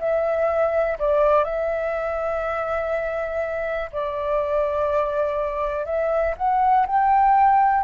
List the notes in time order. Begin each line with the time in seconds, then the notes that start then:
0.00 E5
0.99 D5
1.45 E5
3.93 D5
5.86 E5
6.38 F#5
6.87 G5